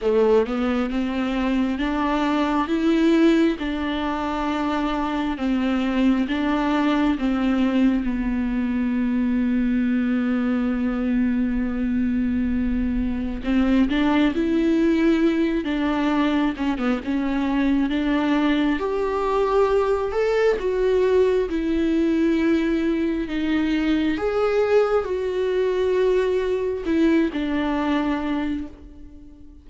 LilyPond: \new Staff \with { instrumentName = "viola" } { \time 4/4 \tempo 4 = 67 a8 b8 c'4 d'4 e'4 | d'2 c'4 d'4 | c'4 b2.~ | b2. c'8 d'8 |
e'4. d'4 cis'16 b16 cis'4 | d'4 g'4. a'8 fis'4 | e'2 dis'4 gis'4 | fis'2 e'8 d'4. | }